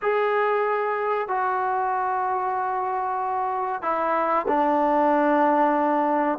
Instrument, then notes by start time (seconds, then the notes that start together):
trombone
0.02 G#4
1.28 F#4
3.82 E4
4.48 D4